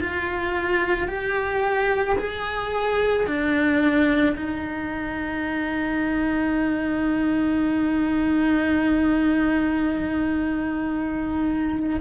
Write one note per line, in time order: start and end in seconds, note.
0.00 1.08 F4
1.08 2.17 G4
2.18 3.26 G#4
3.26 4.35 D4
4.36 12.00 D#4